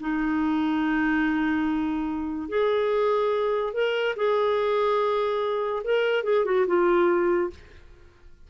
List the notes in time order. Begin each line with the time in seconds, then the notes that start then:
0.00 D#4
2.48 G#4
3.73 A#4
4.16 G#4
5.83 A#4
6.24 G#4
6.45 F#4
6.67 F4